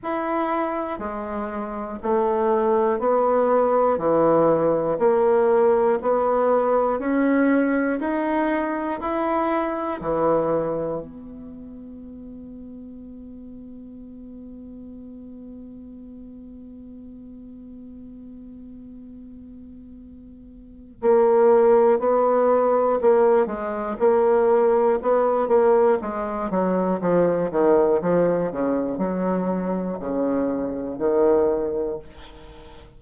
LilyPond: \new Staff \with { instrumentName = "bassoon" } { \time 4/4 \tempo 4 = 60 e'4 gis4 a4 b4 | e4 ais4 b4 cis'4 | dis'4 e'4 e4 b4~ | b1~ |
b1~ | b4 ais4 b4 ais8 gis8 | ais4 b8 ais8 gis8 fis8 f8 dis8 | f8 cis8 fis4 cis4 dis4 | }